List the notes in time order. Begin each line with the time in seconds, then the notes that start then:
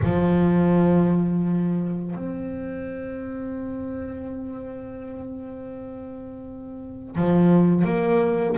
0.03 F3
2.14 C4
7.15 F3
7.84 A#3